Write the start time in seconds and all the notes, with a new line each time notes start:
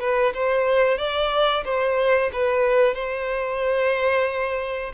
0.00 B4
0.34 C5
0.98 D5
1.65 C5
2.33 B4
2.94 C5